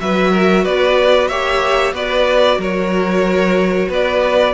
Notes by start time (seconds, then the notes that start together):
0.00 F#3 F#4 B4 E5
0.32 A#4
0.63 B3 B4 D5
1.27 A#3 G4 C#5 E5
1.92 B3 F#4 B4 D5
2.58 F#3 A#4 C#5
3.88 B3 B4 D5